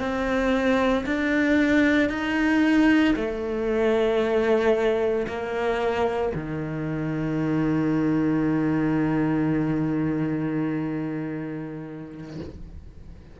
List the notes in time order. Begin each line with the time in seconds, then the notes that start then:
0.00 C4
1.06 D4
2.10 D#4
3.16 A3
5.27 A#3
6.34 D#3